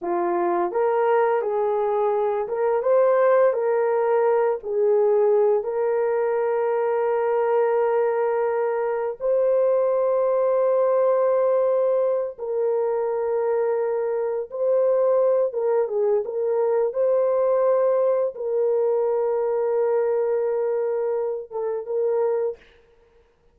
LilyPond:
\new Staff \with { instrumentName = "horn" } { \time 4/4 \tempo 4 = 85 f'4 ais'4 gis'4. ais'8 | c''4 ais'4. gis'4. | ais'1~ | ais'4 c''2.~ |
c''4. ais'2~ ais'8~ | ais'8 c''4. ais'8 gis'8 ais'4 | c''2 ais'2~ | ais'2~ ais'8 a'8 ais'4 | }